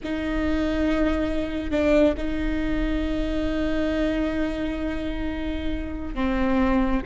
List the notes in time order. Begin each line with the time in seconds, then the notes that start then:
0.03 D#4
1.70 D4
2.17 D#4
6.14 C4